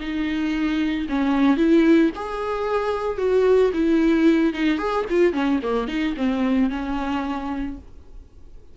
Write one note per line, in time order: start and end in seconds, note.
0.00 1.07 D#4
1.09 1.57 C#4
1.57 2.11 E4
2.15 3.18 G#4
3.18 3.71 F#4
3.73 4.53 E4
4.53 4.78 D#4
4.78 5.05 G#4
5.09 5.33 F4
5.33 5.60 C#4
5.62 5.88 A#3
5.88 6.15 D#4
6.16 6.70 C4
6.70 7.77 C#4